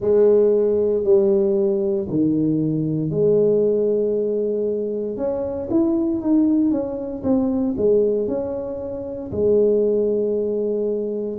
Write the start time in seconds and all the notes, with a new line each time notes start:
0.00 G#3
1.03 G3
2.09 D#3
3.10 G#3
5.17 C#4
5.70 E4
6.21 D#4
6.71 C#4
7.23 C4
7.77 G#3
8.27 C#4
9.31 G#3